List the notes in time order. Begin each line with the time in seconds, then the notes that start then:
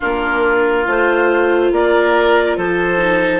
0.00 A#3 D4 F4 A#4
0.85 A3 F4 C5
1.71 A#3 A#4 D5
2.56 F3 A4 C5
2.97 D#4